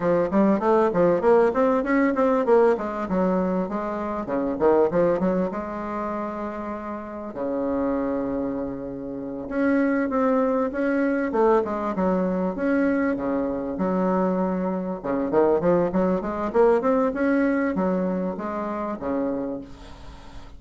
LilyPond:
\new Staff \with { instrumentName = "bassoon" } { \time 4/4 \tempo 4 = 98 f8 g8 a8 f8 ais8 c'8 cis'8 c'8 | ais8 gis8 fis4 gis4 cis8 dis8 | f8 fis8 gis2. | cis2.~ cis8 cis'8~ |
cis'8 c'4 cis'4 a8 gis8 fis8~ | fis8 cis'4 cis4 fis4.~ | fis8 cis8 dis8 f8 fis8 gis8 ais8 c'8 | cis'4 fis4 gis4 cis4 | }